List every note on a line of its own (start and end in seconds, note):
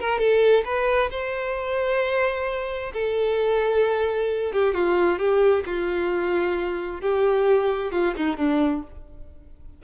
0.00 0.19 A#4
0.19 0.64 A4
0.65 1.10 B4
1.11 2.93 C5
2.94 4.53 A4
4.53 4.74 G4
4.74 5.19 F4
5.19 5.64 G4
5.66 7.01 F4
7.01 7.92 G4
7.92 8.14 F4
8.17 8.37 D#4
8.37 8.83 D4